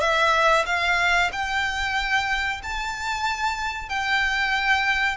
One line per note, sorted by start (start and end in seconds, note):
0.00 0.65 E5
0.66 1.30 F5
1.32 2.61 G5
2.63 3.89 A5
3.89 5.16 G5